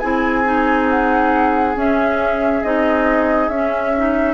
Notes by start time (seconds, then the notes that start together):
0.00 C4 E4 G#4 G#5
0.45 D#4
0.90 F#5
1.76 C#4 E5
2.64 C4 D#4 D#5
3.49 C#4 E5
3.97 D#4